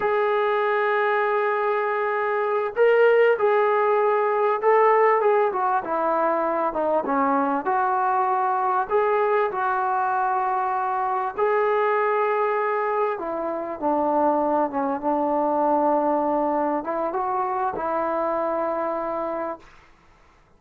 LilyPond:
\new Staff \with { instrumentName = "trombone" } { \time 4/4 \tempo 4 = 98 gis'1~ | gis'8 ais'4 gis'2 a'8~ | a'8 gis'8 fis'8 e'4. dis'8 cis'8~ | cis'8 fis'2 gis'4 fis'8~ |
fis'2~ fis'8 gis'4.~ | gis'4. e'4 d'4. | cis'8 d'2. e'8 | fis'4 e'2. | }